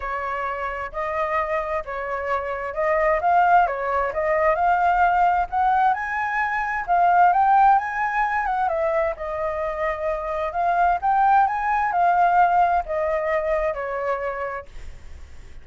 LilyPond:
\new Staff \with { instrumentName = "flute" } { \time 4/4 \tempo 4 = 131 cis''2 dis''2 | cis''2 dis''4 f''4 | cis''4 dis''4 f''2 | fis''4 gis''2 f''4 |
g''4 gis''4. fis''8 e''4 | dis''2. f''4 | g''4 gis''4 f''2 | dis''2 cis''2 | }